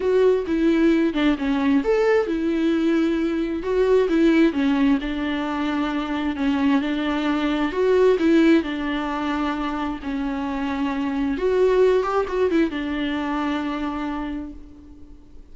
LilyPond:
\new Staff \with { instrumentName = "viola" } { \time 4/4 \tempo 4 = 132 fis'4 e'4. d'8 cis'4 | a'4 e'2. | fis'4 e'4 cis'4 d'4~ | d'2 cis'4 d'4~ |
d'4 fis'4 e'4 d'4~ | d'2 cis'2~ | cis'4 fis'4. g'8 fis'8 e'8 | d'1 | }